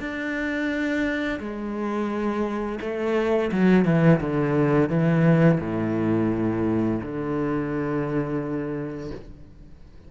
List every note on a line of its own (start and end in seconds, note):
0.00 1.40 D4
1.40 2.79 G#3
2.81 3.51 A3
3.52 3.85 F#3
3.85 4.20 E3
4.21 4.89 D3
4.89 5.59 E3
5.60 7.00 A2
7.02 9.11 D3